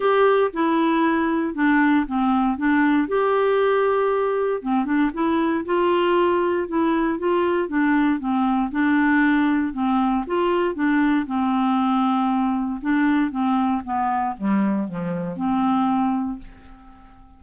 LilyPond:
\new Staff \with { instrumentName = "clarinet" } { \time 4/4 \tempo 4 = 117 g'4 e'2 d'4 | c'4 d'4 g'2~ | g'4 c'8 d'8 e'4 f'4~ | f'4 e'4 f'4 d'4 |
c'4 d'2 c'4 | f'4 d'4 c'2~ | c'4 d'4 c'4 b4 | g4 f4 c'2 | }